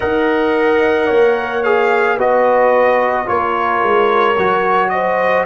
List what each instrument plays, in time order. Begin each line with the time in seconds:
0.00 tuba D#4, trombone A#4, horn D#5, trumpet F#5
1.06 tuba A#3, horn C#5
1.63 trombone G#4, trumpet F5
2.16 tuba B3, trombone F#4, horn B4, trumpet D#5
3.25 tuba A#3, trombone F4, horn A#4, trumpet C#5
3.82 tuba G#3
4.37 tuba F#3, trombone F#4
4.89 horn C5, trumpet D#5